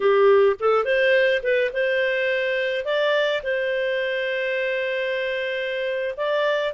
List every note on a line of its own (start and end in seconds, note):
0.00 0.56 G4
0.59 0.84 A4
0.84 1.42 C5
1.42 1.71 B4
1.73 2.84 C5
2.84 3.42 D5
3.43 6.14 C5
6.17 6.73 D5